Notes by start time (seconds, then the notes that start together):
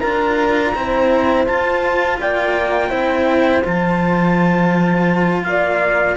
0.00 D4 F4 A#4 A#5
0.75 C4 E4 C5
1.47 F4 A5
2.21 A#3 D5 G5
2.89 C4 E4 C5
3.65 F3 F4 A5
5.44 A#3 D5 F5